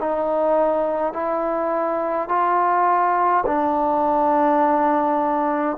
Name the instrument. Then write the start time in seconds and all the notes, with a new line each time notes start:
trombone
0.00 D#4
1.13 E4
2.29 F4
3.47 D4